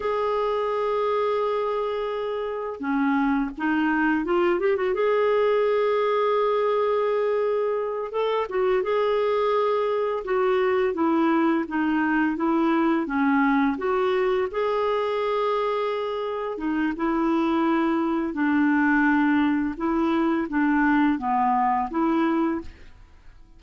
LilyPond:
\new Staff \with { instrumentName = "clarinet" } { \time 4/4 \tempo 4 = 85 gis'1 | cis'4 dis'4 f'8 g'16 fis'16 gis'4~ | gis'2.~ gis'8 a'8 | fis'8 gis'2 fis'4 e'8~ |
e'8 dis'4 e'4 cis'4 fis'8~ | fis'8 gis'2. dis'8 | e'2 d'2 | e'4 d'4 b4 e'4 | }